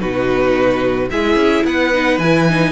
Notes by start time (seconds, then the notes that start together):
0.00 B2 D#4 F#4 B4
1.11 G#3 E4 G#4 E5
1.36 C#4
1.65 B3 B4 F#5
1.93 D#4
2.18 E3 E4 G#5
2.49 D#4